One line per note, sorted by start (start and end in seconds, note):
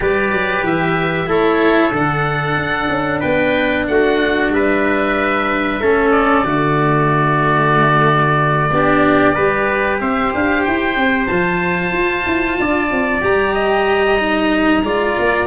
0.00 0.32 G3
0.00 1.26 G4
0.00 1.28 B4
0.00 0.66 D5
0.32 0.63 F#3
0.63 1.27 E3
0.63 1.30 E5
1.26 1.91 A3
1.26 1.91 E4
1.26 3.20 A4
1.26 1.94 C#5
1.92 2.56 D3
1.92 5.81 D4
1.92 3.21 F#5
2.56 2.88 D4
2.89 3.21 C#4
3.20 3.88 B3
3.20 3.84 B4
3.20 3.85 G5
3.87 4.49 A3
3.87 4.54 F#4
3.87 4.52 F#5
4.49 5.78 G3
4.49 5.81 B4
4.49 6.10 E5
5.81 6.43 A3
5.81 6.45 C#4
5.81 6.44 A4
6.10 9.97 D5
6.43 8.69 D3
6.43 8.71 A3
6.43 8.70 F#4
8.71 9.35 B3
8.71 9.34 D4
8.71 9.34 G4
9.34 10.00 G3
9.34 11.27 G4
9.34 9.99 B4
10.00 10.32 C4
10.00 12.59 C5
10.00 10.32 E5
10.34 10.66 D4
10.34 10.63 F5
10.63 10.96 E4
10.63 11.26 G5
10.96 11.28 C4
11.26 11.92 F3
11.26 13.21 F4
11.26 13.20 A5
11.92 12.24 F4
12.25 12.58 E4
12.59 12.90 D4
12.59 13.54 D5
12.90 13.23 C4
13.21 14.83 G3
13.21 14.17 G4
13.21 15.46 A#5
13.54 14.83 D#5
14.18 14.83 D#4
14.83 15.15 G#3
14.83 15.46 F4
14.83 15.46 D5
15.19 15.46 A#3